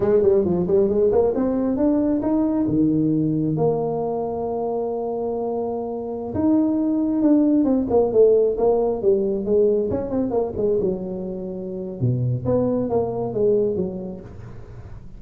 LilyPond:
\new Staff \with { instrumentName = "tuba" } { \time 4/4 \tempo 4 = 135 gis8 g8 f8 g8 gis8 ais8 c'4 | d'4 dis'4 dis2 | ais1~ | ais2~ ais16 dis'4.~ dis'16~ |
dis'16 d'4 c'8 ais8 a4 ais8.~ | ais16 g4 gis4 cis'8 c'8 ais8 gis16~ | gis16 fis2~ fis8. b,4 | b4 ais4 gis4 fis4 | }